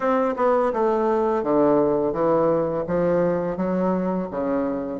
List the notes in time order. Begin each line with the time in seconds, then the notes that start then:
0.00 C4
0.36 B3
0.73 A3
1.43 D3
2.12 E3
2.87 F3
3.56 F#3
4.30 C#3